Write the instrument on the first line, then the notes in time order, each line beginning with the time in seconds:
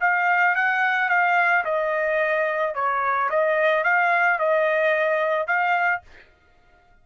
trumpet
0.00 F5
0.55 F#5
1.09 F5
1.64 D#5
2.74 C#5
3.30 D#5
3.84 F5
4.39 D#5
5.47 F5